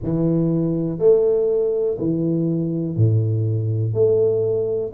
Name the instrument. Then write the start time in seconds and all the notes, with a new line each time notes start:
tuba
0.03 E3
0.98 A3
1.98 E3
2.96 A2
3.93 A3